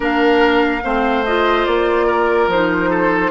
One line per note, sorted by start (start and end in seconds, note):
0.00 0.82 A#3
0.00 0.81 D4
0.00 0.83 A#4
0.00 1.24 F5
0.83 1.66 A3
0.83 1.25 C4
0.83 2.07 C5
1.24 2.51 F4
1.24 1.65 D#5
1.65 2.47 A#3
1.65 2.48 D5
2.07 2.90 A#4
2.47 3.31 F3
2.47 3.31 D#4
2.47 3.31 C5
2.90 3.31 A4